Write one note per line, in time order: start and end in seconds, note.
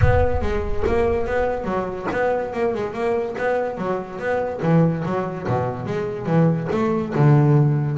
0.01 0.41 B3
0.41 0.83 G#3
0.87 1.26 A#3
1.26 1.64 B3
1.64 2.06 F#3
2.11 2.53 B3
2.53 2.74 A#3
2.74 2.93 G#3
2.93 3.35 A#3
3.38 3.77 B3
3.77 4.18 F#3
4.18 4.60 B3
4.62 5.04 E3
5.05 5.47 F#3
5.47 5.85 B2
5.85 6.26 G#3
6.26 6.68 E3
6.71 7.13 A3
7.15 7.97 D3